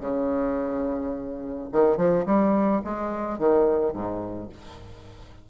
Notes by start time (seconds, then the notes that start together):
0.00 C#3
1.72 D#3
1.97 F3
2.25 G3
2.84 G#3
3.38 D#3
3.93 G#2